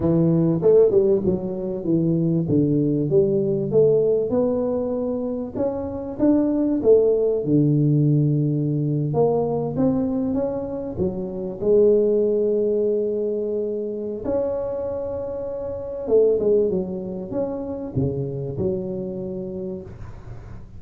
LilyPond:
\new Staff \with { instrumentName = "tuba" } { \time 4/4 \tempo 4 = 97 e4 a8 g8 fis4 e4 | d4 g4 a4 b4~ | b4 cis'4 d'4 a4 | d2~ d8. ais4 c'16~ |
c'8. cis'4 fis4 gis4~ gis16~ | gis2. cis'4~ | cis'2 a8 gis8 fis4 | cis'4 cis4 fis2 | }